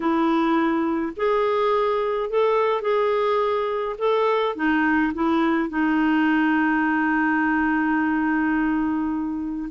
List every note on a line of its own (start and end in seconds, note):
0.00 1.13 E4
1.16 2.29 G#4
2.29 2.81 A4
2.81 3.96 G#4
3.98 4.55 A4
4.55 5.12 D#4
5.14 5.69 E4
5.69 9.69 D#4